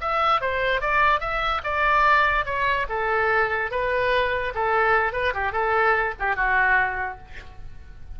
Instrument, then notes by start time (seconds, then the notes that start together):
oboe
0.00 E5
0.41 C5
0.81 D5
1.20 E5
1.63 D5
2.45 C#5
2.89 A4
3.71 B4
4.54 A4
5.12 B4
5.33 G4
5.52 A4
6.19 G4
6.35 F#4